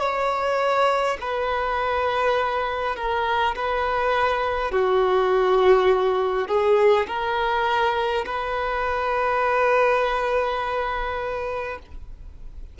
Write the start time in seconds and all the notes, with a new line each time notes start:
0.00 C#5
1.21 B4
2.96 A#4
3.56 B4
4.71 F#4
6.48 G#4
7.07 A#4
8.26 B4